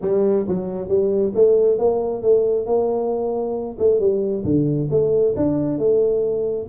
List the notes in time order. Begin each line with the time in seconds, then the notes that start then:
0.01 G3
0.47 F#3
0.88 G3
1.34 A3
1.78 A#3
2.22 A3
2.66 A#3
3.78 A3
3.99 G3
4.44 D3
4.90 A3
5.36 D4
5.78 A3